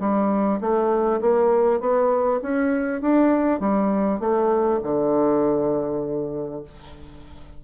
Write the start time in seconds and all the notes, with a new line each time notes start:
0.00 G3
0.61 A3
1.21 A#3
1.80 B3
2.42 C#4
3.02 D4
3.60 G3
4.20 A3
4.83 D3